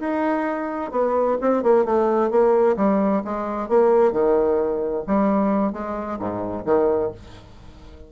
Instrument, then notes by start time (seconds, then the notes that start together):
bassoon
0.00 D#4
0.92 B3
1.41 C4
1.63 A#3
1.85 A3
2.31 A#3
2.77 G3
3.25 G#3
3.69 A#3
4.12 D#3
5.07 G3
5.73 G#3
6.19 G#2
6.66 D#3